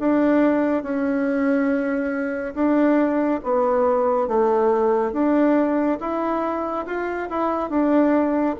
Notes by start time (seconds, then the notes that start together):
0.00 D4
0.83 C#4
2.55 D4
3.44 B3
4.28 A3
5.13 D4
6.00 E4
6.87 F4
7.30 E4
7.70 D4